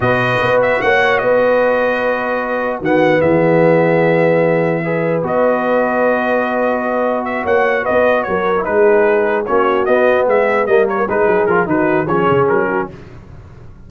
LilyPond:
<<
  \new Staff \with { instrumentName = "trumpet" } { \time 4/4 \tempo 4 = 149 dis''4. e''8 fis''4 dis''4~ | dis''2. fis''4 | e''1~ | e''4 dis''2.~ |
dis''2 e''8 fis''4 dis''8~ | dis''8 cis''4 b'2 cis''8~ | cis''8 dis''4 e''4 dis''8 cis''8 b'8~ | b'8 ais'8 b'4 cis''4 ais'4 | }
  \new Staff \with { instrumentName = "horn" } { \time 4/4 b'2 cis''4 b'4~ | b'2. fis'4 | gis'1 | b'1~ |
b'2~ b'8 cis''4 b'8~ | b'8 ais'4 gis'2 fis'8~ | fis'4. gis'4 ais'4 gis'8~ | gis'4 fis'4 gis'4. fis'8 | }
  \new Staff \with { instrumentName = "trombone" } { \time 4/4 fis'1~ | fis'2. b4~ | b1 | gis'4 fis'2.~ |
fis'1~ | fis'4~ fis'16 e'16 dis'2 cis'8~ | cis'8 b2 ais4 dis'8~ | dis'8 f'8 dis'4 cis'2 | }
  \new Staff \with { instrumentName = "tuba" } { \time 4/4 b,4 b4 ais4 b4~ | b2. dis4 | e1~ | e4 b2.~ |
b2~ b8 ais4 b8~ | b8 fis4 gis2 ais8~ | ais8 b4 gis4 g4 gis8 | fis8 f8 dis4 f8 cis8 fis4 | }
>>